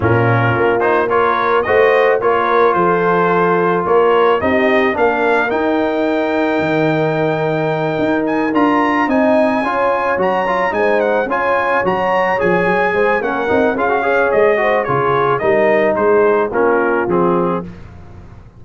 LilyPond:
<<
  \new Staff \with { instrumentName = "trumpet" } { \time 4/4 \tempo 4 = 109 ais'4. c''8 cis''4 dis''4 | cis''4 c''2 cis''4 | dis''4 f''4 g''2~ | g''2. gis''8 ais''8~ |
ais''8 gis''2 ais''4 gis''8 | fis''8 gis''4 ais''4 gis''4. | fis''4 f''4 dis''4 cis''4 | dis''4 c''4 ais'4 gis'4 | }
  \new Staff \with { instrumentName = "horn" } { \time 4/4 f'2 ais'4 c''4 | ais'4 a'2 ais'4 | g'4 ais'2.~ | ais'1~ |
ais'8 dis''4 cis''2 c''8~ | c''8 cis''2. c''8 | ais'4 gis'8 cis''4 c''8 gis'4 | ais'4 gis'4 f'2 | }
  \new Staff \with { instrumentName = "trombone" } { \time 4/4 cis'4. dis'8 f'4 fis'4 | f'1 | dis'4 d'4 dis'2~ | dis'2.~ dis'8 f'8~ |
f'8 dis'4 f'4 fis'8 f'8 dis'8~ | dis'8 f'4 fis'4 gis'4. | cis'8 dis'8 f'16 fis'16 gis'4 fis'8 f'4 | dis'2 cis'4 c'4 | }
  \new Staff \with { instrumentName = "tuba" } { \time 4/4 ais,4 ais2 a4 | ais4 f2 ais4 | c'4 ais4 dis'2 | dis2~ dis8 dis'4 d'8~ |
d'8 c'4 cis'4 fis4 gis8~ | gis8 cis'4 fis4 f8 fis8 gis8 | ais8 c'8 cis'4 gis4 cis4 | g4 gis4 ais4 f4 | }
>>